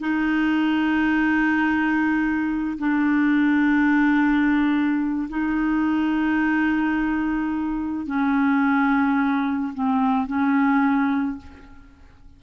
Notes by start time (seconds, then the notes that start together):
0.00 D#4
2.78 D4
5.29 D#4
8.06 C#4
9.74 C4
10.26 C#4